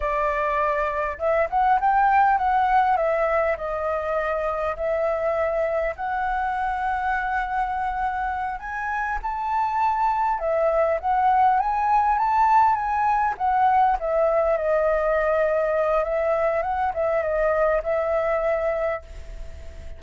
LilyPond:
\new Staff \with { instrumentName = "flute" } { \time 4/4 \tempo 4 = 101 d''2 e''8 fis''8 g''4 | fis''4 e''4 dis''2 | e''2 fis''2~ | fis''2~ fis''8 gis''4 a''8~ |
a''4. e''4 fis''4 gis''8~ | gis''8 a''4 gis''4 fis''4 e''8~ | e''8 dis''2~ dis''8 e''4 | fis''8 e''8 dis''4 e''2 | }